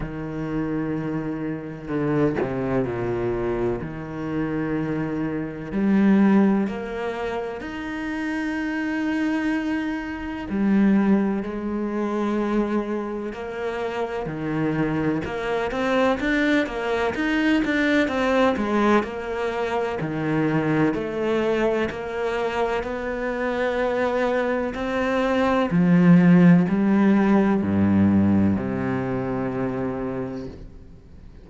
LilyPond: \new Staff \with { instrumentName = "cello" } { \time 4/4 \tempo 4 = 63 dis2 d8 c8 ais,4 | dis2 g4 ais4 | dis'2. g4 | gis2 ais4 dis4 |
ais8 c'8 d'8 ais8 dis'8 d'8 c'8 gis8 | ais4 dis4 a4 ais4 | b2 c'4 f4 | g4 g,4 c2 | }